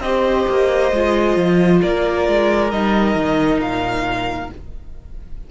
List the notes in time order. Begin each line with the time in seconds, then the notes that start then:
0.00 C4 G4 C5 D#5
0.49 A#3
0.92 G#3 F4
1.37 F3
1.82 A#3 A#4 D5
2.28 G#3
2.71 G3 D#4 D#5
3.15 D#3
3.60 A#2 F5